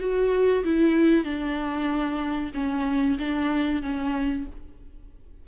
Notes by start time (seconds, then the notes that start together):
0.00 F#4
0.64 E4
1.24 D4
2.54 C#4
3.19 D4
3.83 C#4